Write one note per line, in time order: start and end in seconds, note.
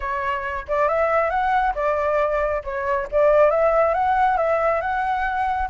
0.00 0.65 C#5
0.67 0.88 D5
0.88 1.30 E5
1.30 1.73 F#5
1.75 2.62 D5
2.64 3.07 C#5
3.11 3.50 D5
3.50 3.93 E5
3.93 4.37 F#5
4.37 4.81 E5
4.81 5.68 F#5